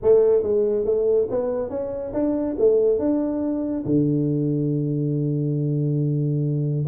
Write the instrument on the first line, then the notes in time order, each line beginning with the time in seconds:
tuba
0.02 A3
0.43 G#3
0.85 A3
1.30 B3
1.69 C#4
2.13 D4
2.59 A3
2.98 D4
3.85 D3